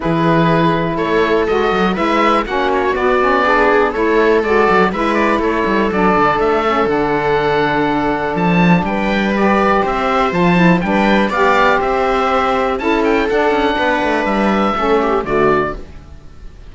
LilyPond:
<<
  \new Staff \with { instrumentName = "oboe" } { \time 4/4 \tempo 4 = 122 b'2 cis''4 dis''4 | e''4 fis''8 cis''8 d''2 | cis''4 d''4 e''8 d''8 cis''4 | d''4 e''4 fis''2~ |
fis''4 a''4 g''4 d''4 | e''4 a''4 g''4 f''4 | e''2 a''8 g''8 fis''4~ | fis''4 e''2 d''4 | }
  \new Staff \with { instrumentName = "viola" } { \time 4/4 gis'2 a'2 | b'4 fis'2 gis'4 | a'2 b'4 a'4~ | a'1~ |
a'2 b'2 | c''2 b'4 d''4 | c''2 a'2 | b'2 a'8 g'8 fis'4 | }
  \new Staff \with { instrumentName = "saxophone" } { \time 4/4 e'2. fis'4 | e'4 cis'4 b8 cis'8 d'4 | e'4 fis'4 e'2 | d'4. cis'8 d'2~ |
d'2. g'4~ | g'4 f'8 e'8 d'4 g'4~ | g'2 e'4 d'4~ | d'2 cis'4 a4 | }
  \new Staff \with { instrumentName = "cello" } { \time 4/4 e2 a4 gis8 fis8 | gis4 ais4 b2 | a4 gis8 fis8 gis4 a8 g8 | fis8 d8 a4 d2~ |
d4 f4 g2 | c'4 f4 g4 b4 | c'2 cis'4 d'8 cis'8 | b8 a8 g4 a4 d4 | }
>>